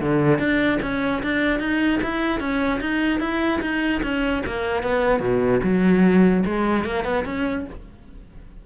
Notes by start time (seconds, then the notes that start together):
0.00 D3
0.39 D4
0.82 C#4
1.23 D4
1.60 D#4
2.03 E4
2.40 C#4
2.80 D#4
3.20 E4
3.61 D#4
4.03 C#4
4.46 A#3
4.83 B3
5.20 B2
5.64 F#3
6.45 G#3
6.85 A#3
7.05 B3
7.25 C#4